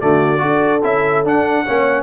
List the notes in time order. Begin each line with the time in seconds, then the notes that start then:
0.00 D3 A3 F#4 D5
0.38 D4 F#4 A4
0.83 C#4 E4 E5
1.24 D4 F#5
1.65 A#3 C#4 C#5